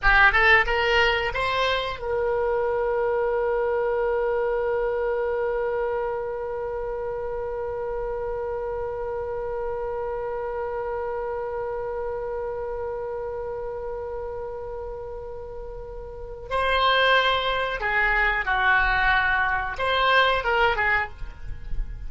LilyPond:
\new Staff \with { instrumentName = "oboe" } { \time 4/4 \tempo 4 = 91 g'8 a'8 ais'4 c''4 ais'4~ | ais'1~ | ais'1~ | ais'1~ |
ais'1~ | ais'1~ | ais'4 c''2 gis'4 | fis'2 c''4 ais'8 gis'8 | }